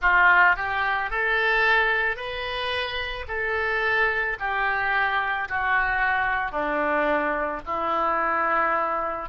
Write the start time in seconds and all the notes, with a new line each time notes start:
0.01 F4
0.56 G4
1.10 A4
2.16 B4
3.28 A4
4.39 G4
5.48 F#4
6.52 D4
7.66 E4